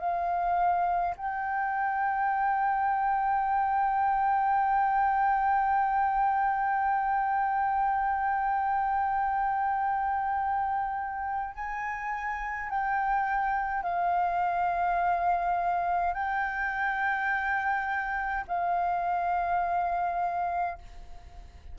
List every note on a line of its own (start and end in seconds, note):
0.00 1.15 F5
1.17 11.54 G5
11.54 12.70 G#5
12.70 13.83 G5
13.83 16.14 F5
16.14 18.45 G5
18.48 20.78 F5